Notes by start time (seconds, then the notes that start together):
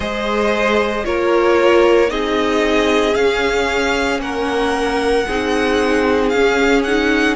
0.00 G#3 G#4 C5 D#5
1.04 A#3 F4 A#4 C#5
2.08 C4 D#4 G#4 D#5
3.14 C#4 F5
4.19 A#3 A#4 F#5
5.27 C4 D#4 G#4
6.29 C#4 F5
6.83 D#4 F#5